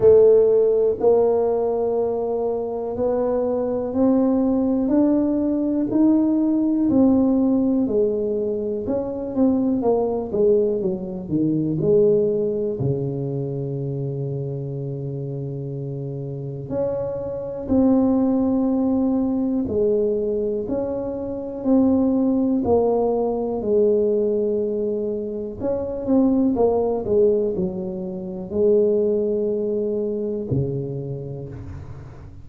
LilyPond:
\new Staff \with { instrumentName = "tuba" } { \time 4/4 \tempo 4 = 61 a4 ais2 b4 | c'4 d'4 dis'4 c'4 | gis4 cis'8 c'8 ais8 gis8 fis8 dis8 | gis4 cis2.~ |
cis4 cis'4 c'2 | gis4 cis'4 c'4 ais4 | gis2 cis'8 c'8 ais8 gis8 | fis4 gis2 cis4 | }